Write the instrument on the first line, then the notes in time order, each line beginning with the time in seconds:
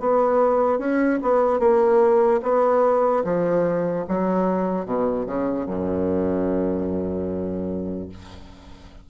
bassoon
0.00 B3
0.79 C#4
1.23 B3
1.60 A#3
2.43 B3
3.25 F3
4.09 F#3
4.86 B2
5.27 C#3
5.66 F#2